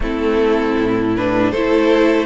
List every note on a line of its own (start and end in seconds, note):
0.00 0.75 A3
0.00 1.16 C4
0.00 1.50 E4
0.00 1.15 A4
0.77 1.53 A2
1.15 1.55 D4
1.15 1.51 B4
1.50 2.25 A3
1.50 2.25 E4
1.50 2.25 A4
1.50 2.25 C5